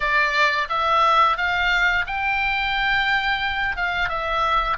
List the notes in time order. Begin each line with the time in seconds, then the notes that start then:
0.00 D5
0.69 E5
1.37 F5
2.06 G5
3.76 F5
4.08 E5